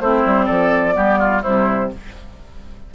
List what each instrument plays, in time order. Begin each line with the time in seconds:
0.00 bassoon A3, clarinet C4, oboe E4, flute C5
0.25 bassoon G3
0.46 bassoon F3, oboe A4, flute D5
0.93 bassoon G3, clarinet B3, oboe G4
1.19 oboe F4
1.42 bassoon C3, clarinet G3, oboe E4, flute C5